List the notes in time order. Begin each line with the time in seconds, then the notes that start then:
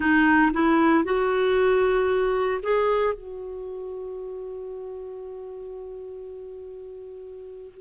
0.00 D#4
0.53 E4
1.04 F#4
2.63 G#4
3.14 F#4